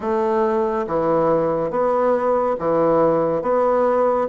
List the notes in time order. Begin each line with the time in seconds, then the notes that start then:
0.00 A3
0.86 E3
1.70 B3
2.58 E3
3.41 B3